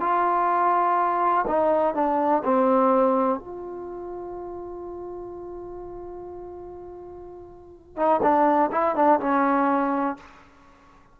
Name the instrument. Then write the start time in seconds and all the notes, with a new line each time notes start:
trombone
0.00 F4
1.47 D#4
1.94 D4
2.44 C4
3.39 F4
7.96 D#4
8.22 D4
8.71 E4
8.96 D4
9.20 C#4